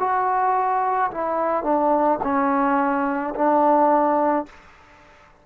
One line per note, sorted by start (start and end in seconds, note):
0.00 1.11 F#4
1.12 1.64 E4
1.64 2.20 D4
2.24 3.35 C#4
3.35 4.46 D4